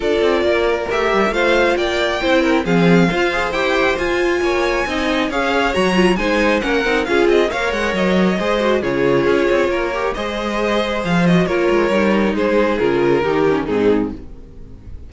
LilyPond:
<<
  \new Staff \with { instrumentName = "violin" } { \time 4/4 \tempo 4 = 136 d''2 e''4 f''4 | g''2 f''2 | g''4 gis''2. | f''4 ais''4 gis''4 fis''4 |
f''8 dis''8 f''8 fis''8 dis''2 | cis''2. dis''4~ | dis''4 f''8 dis''8 cis''2 | c''4 ais'2 gis'4 | }
  \new Staff \with { instrumentName = "violin" } { \time 4/4 a'4 ais'2 c''4 | d''4 c''8 ais'8 gis'4 c''4~ | c''2 cis''4 dis''4 | cis''2 c''4 ais'4 |
gis'4 cis''2 c''4 | gis'2 ais'4 c''4~ | c''2 ais'2 | gis'2 g'4 dis'4 | }
  \new Staff \with { instrumentName = "viola" } { \time 4/4 f'2 g'4 f'4~ | f'4 e'4 c'4 f'8 gis'8 | g'4 f'2 dis'4 | gis'4 fis'8 f'8 dis'4 cis'8 dis'8 |
f'4 ais'2 gis'8 fis'8 | f'2~ f'8 g'8 gis'4~ | gis'4. fis'8 f'4 dis'4~ | dis'4 f'4 dis'8 cis'8 c'4 | }
  \new Staff \with { instrumentName = "cello" } { \time 4/4 d'8 c'8 ais4 a8 g8 a4 | ais4 c'4 f4 f'4 | e'4 f'4 ais4 c'4 | cis'4 fis4 gis4 ais8 c'8 |
cis'8 c'8 ais8 gis8 fis4 gis4 | cis4 cis'8 c'8 ais4 gis4~ | gis4 f4 ais8 gis8 g4 | gis4 cis4 dis4 gis,4 | }
>>